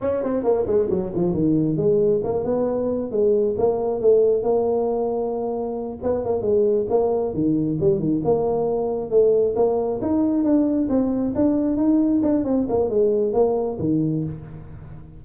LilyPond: \new Staff \with { instrumentName = "tuba" } { \time 4/4 \tempo 4 = 135 cis'8 c'8 ais8 gis8 fis8 f8 dis4 | gis4 ais8 b4. gis4 | ais4 a4 ais2~ | ais4. b8 ais8 gis4 ais8~ |
ais8 dis4 g8 dis8 ais4.~ | ais8 a4 ais4 dis'4 d'8~ | d'8 c'4 d'4 dis'4 d'8 | c'8 ais8 gis4 ais4 dis4 | }